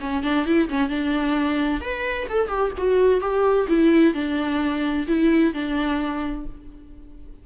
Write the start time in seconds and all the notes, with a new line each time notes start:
0.00 C#4
0.23 D4
0.46 E4
0.69 C#4
0.89 D4
1.81 B4
2.29 A4
2.48 G4
2.78 F#4
3.21 G4
3.68 E4
4.14 D4
5.07 E4
5.54 D4